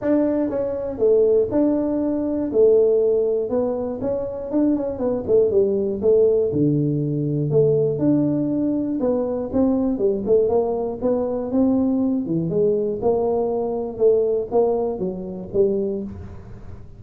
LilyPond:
\new Staff \with { instrumentName = "tuba" } { \time 4/4 \tempo 4 = 120 d'4 cis'4 a4 d'4~ | d'4 a2 b4 | cis'4 d'8 cis'8 b8 a8 g4 | a4 d2 a4 |
d'2 b4 c'4 | g8 a8 ais4 b4 c'4~ | c'8 e8 gis4 ais2 | a4 ais4 fis4 g4 | }